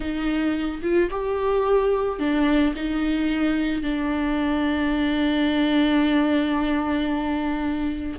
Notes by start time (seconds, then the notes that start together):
0.00 D#4
0.82 F4
1.10 G4
2.19 D4
2.75 D#4
3.82 D4